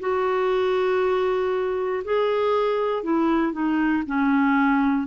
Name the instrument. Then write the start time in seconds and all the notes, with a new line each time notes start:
clarinet
0.00 F#4
2.04 G#4
3.03 E4
3.52 D#4
4.06 C#4